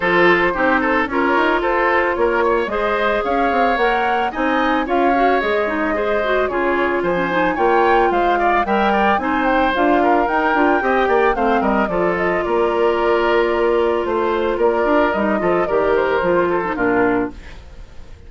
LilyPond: <<
  \new Staff \with { instrumentName = "flute" } { \time 4/4 \tempo 4 = 111 c''2 cis''4 c''4 | cis''4 dis''4 f''4 fis''4 | gis''4 f''4 dis''2 | cis''4 gis''4 g''4 f''4 |
g''4 gis''8 g''8 f''4 g''4~ | g''4 f''8 dis''8 d''8 dis''8 d''4~ | d''2 c''4 d''4 | dis''4 d''8 c''4. ais'4 | }
  \new Staff \with { instrumentName = "oboe" } { \time 4/4 a'4 g'8 a'8 ais'4 a'4 | ais'8 cis''8 c''4 cis''2 | dis''4 cis''2 c''4 | gis'4 c''4 cis''4 c''8 d''8 |
e''8 d''8 c''4. ais'4. | dis''8 d''8 c''8 ais'8 a'4 ais'4~ | ais'2 c''4 ais'4~ | ais'8 a'8 ais'4. a'8 f'4 | }
  \new Staff \with { instrumentName = "clarinet" } { \time 4/4 f'4 dis'4 f'2~ | f'4 gis'2 ais'4 | dis'4 f'8 fis'8 gis'8 dis'8 gis'8 fis'8 | f'4~ f'16 cis'16 dis'8 f'2 |
ais'4 dis'4 f'4 dis'8 f'8 | g'4 c'4 f'2~ | f'1 | dis'8 f'8 g'4 f'8. dis'16 d'4 | }
  \new Staff \with { instrumentName = "bassoon" } { \time 4/4 f4 c'4 cis'8 dis'8 f'4 | ais4 gis4 cis'8 c'8 ais4 | c'4 cis'4 gis2 | cis4 f4 ais4 gis4 |
g4 c'4 d'4 dis'8 d'8 | c'8 ais8 a8 g8 f4 ais4~ | ais2 a4 ais8 d'8 | g8 f8 dis4 f4 ais,4 | }
>>